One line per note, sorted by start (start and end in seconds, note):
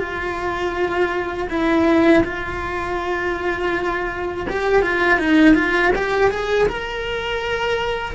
0.00 1.48 F4
1.50 2.24 E4
2.25 4.47 F4
4.50 4.82 G4
4.82 5.19 F4
5.19 5.56 D#4
5.56 5.93 F4
5.96 6.31 G4
6.31 6.68 G#4
6.69 8.15 A#4